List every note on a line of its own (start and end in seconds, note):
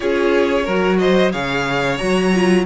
0.00 0.67 C#4
0.00 0.65 F4
0.00 0.64 G#4
0.00 0.98 C#5
0.64 1.34 F#3
0.64 1.32 F#4
0.64 0.97 A#4
0.98 1.32 C5
0.98 1.31 D#5
1.32 2.00 C#3
1.32 1.99 G#4
1.32 2.65 C#5
1.32 1.98 F5
1.98 2.66 F#3
1.98 2.32 F#4
1.98 2.64 A#5
2.33 2.66 F4